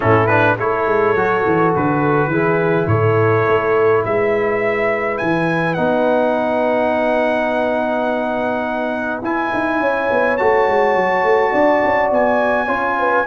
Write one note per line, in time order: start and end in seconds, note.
0.00 0.58 A2
0.00 0.28 C#4
0.00 0.58 E4
0.00 0.26 A4
0.26 0.58 D4
0.26 0.55 B4
0.58 0.86 A3
0.58 1.16 E4
0.58 2.31 A4
0.58 1.74 C#5
0.86 1.14 G#3
1.14 1.43 F#3
1.14 2.31 F#4
1.45 1.74 E3
1.75 2.27 D3
1.75 2.87 B4
2.27 2.84 E3
2.27 5.76 E4
2.27 2.89 G#4
2.86 3.44 A2
2.86 4.02 A4
2.86 4.02 C#5
3.47 4.04 A3
4.02 5.20 G#3
4.02 9.79 B4
4.02 5.17 E5
5.17 5.77 E3
5.17 5.74 G#5
5.74 9.22 B3
5.74 9.22 D#4
5.74 9.20 F#5
9.22 9.51 E4
9.22 10.39 E4
9.22 10.37 G#5
9.53 9.80 D#4
9.80 10.08 C#4
9.80 11.51 C#5
10.11 10.39 B3
10.37 10.67 A3
10.37 12.67 F#4
10.37 12.10 A5
10.67 10.95 G#3
10.95 11.23 F#3
11.23 11.52 A3
11.51 11.83 D4
11.51 12.66 D5
11.83 12.11 C#4
12.11 12.68 B3
12.11 13.26 G#5
12.66 13.26 C#4
12.66 13.25 F4
12.66 12.94 C#5
12.98 13.26 B4